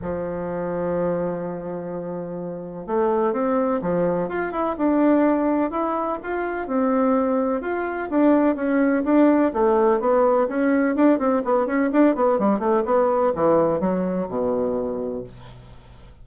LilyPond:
\new Staff \with { instrumentName = "bassoon" } { \time 4/4 \tempo 4 = 126 f1~ | f2 a4 c'4 | f4 f'8 e'8 d'2 | e'4 f'4 c'2 |
f'4 d'4 cis'4 d'4 | a4 b4 cis'4 d'8 c'8 | b8 cis'8 d'8 b8 g8 a8 b4 | e4 fis4 b,2 | }